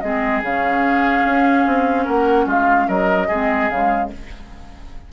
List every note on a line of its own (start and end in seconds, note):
0.00 0.42 G#3
0.00 0.44 C4
0.00 2.04 G#4
0.00 0.41 D#5
0.42 1.23 C#3
0.42 3.30 C#4
0.42 2.06 F5
1.24 1.65 C#4
1.66 2.07 C4
2.04 2.46 A#3
2.04 2.45 A#4
2.04 2.47 F#5
2.46 2.87 G#3
2.46 2.87 F4
2.46 2.88 F5
2.88 3.29 F#3
2.88 3.27 A#4
2.88 3.69 D#5
3.27 3.69 G#3
3.27 3.71 C4
3.27 4.09 G#4
3.69 4.10 C#3
3.69 4.12 G#3
3.69 4.10 F5